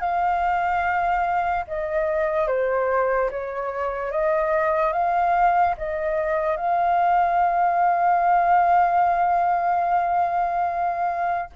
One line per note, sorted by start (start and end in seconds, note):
0.00 1.64 F5
1.67 2.47 D#5
2.47 3.30 C5
3.31 4.11 C#5
4.11 4.92 D#5
4.92 5.75 F5
5.77 6.56 D#5
6.56 11.50 F5